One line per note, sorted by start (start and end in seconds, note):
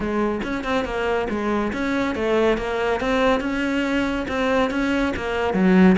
0.00 0.41 G#3
0.43 0.64 C#4
0.64 0.84 C4
0.84 1.27 A#3
1.29 1.72 G#3
1.72 2.15 C#4
2.15 2.57 A3
2.57 3.00 A#3
3.00 3.40 C4
3.40 4.26 C#4
4.27 4.70 C4
4.70 5.13 C#4
5.16 5.53 A#3
5.53 5.96 F#3